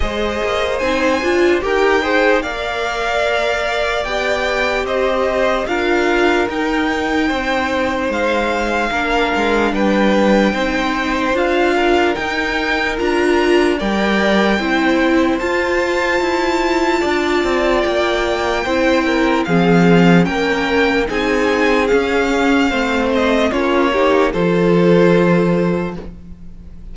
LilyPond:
<<
  \new Staff \with { instrumentName = "violin" } { \time 4/4 \tempo 4 = 74 dis''4 gis''4 g''4 f''4~ | f''4 g''4 dis''4 f''4 | g''2 f''2 | g''2 f''4 g''4 |
ais''4 g''2 a''4~ | a''2 g''2 | f''4 g''4 gis''4 f''4~ | f''8 dis''8 cis''4 c''2 | }
  \new Staff \with { instrumentName = "violin" } { \time 4/4 c''2 ais'8 c''8 d''4~ | d''2 c''4 ais'4~ | ais'4 c''2 ais'4 | b'4 c''4. ais'4.~ |
ais'4 d''4 c''2~ | c''4 d''2 c''8 ais'8 | gis'4 ais'4 gis'2 | c''4 f'8 g'8 a'2 | }
  \new Staff \with { instrumentName = "viola" } { \time 4/4 gis'4 dis'8 f'8 g'8 gis'8 ais'4~ | ais'4 g'2 f'4 | dis'2. d'4~ | d'4 dis'4 f'4 dis'4 |
f'4 ais'4 e'4 f'4~ | f'2. e'4 | c'4 cis'4 dis'4 cis'4 | c'4 cis'8 dis'8 f'2 | }
  \new Staff \with { instrumentName = "cello" } { \time 4/4 gis8 ais8 c'8 d'8 dis'4 ais4~ | ais4 b4 c'4 d'4 | dis'4 c'4 gis4 ais8 gis8 | g4 c'4 d'4 dis'4 |
d'4 g4 c'4 f'4 | e'4 d'8 c'8 ais4 c'4 | f4 ais4 c'4 cis'4 | a4 ais4 f2 | }
>>